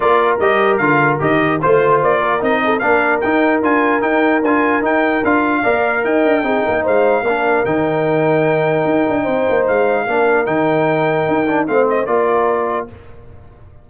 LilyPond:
<<
  \new Staff \with { instrumentName = "trumpet" } { \time 4/4 \tempo 4 = 149 d''4 dis''4 f''4 dis''4 | c''4 d''4 dis''4 f''4 | g''4 gis''4 g''4 gis''4 | g''4 f''2 g''4~ |
g''4 f''2 g''4~ | g''1 | f''2 g''2~ | g''4 f''8 dis''8 d''2 | }
  \new Staff \with { instrumentName = "horn" } { \time 4/4 ais'1 | c''4. ais'4 a'8 ais'4~ | ais'1~ | ais'2 d''4 dis''4 |
gis'8 ais'8 c''4 ais'2~ | ais'2. c''4~ | c''4 ais'2.~ | ais'4 c''4 ais'2 | }
  \new Staff \with { instrumentName = "trombone" } { \time 4/4 f'4 g'4 f'4 g'4 | f'2 dis'4 d'4 | dis'4 f'4 dis'4 f'4 | dis'4 f'4 ais'2 |
dis'2 d'4 dis'4~ | dis'1~ | dis'4 d'4 dis'2~ | dis'8 d'8 c'4 f'2 | }
  \new Staff \with { instrumentName = "tuba" } { \time 4/4 ais4 g4 d4 dis4 | a4 ais4 c'4 ais4 | dis'4 d'4 dis'4 d'4 | dis'4 d'4 ais4 dis'8 d'8 |
c'8 ais8 gis4 ais4 dis4~ | dis2 dis'8 d'8 c'8 ais8 | gis4 ais4 dis2 | dis'4 a4 ais2 | }
>>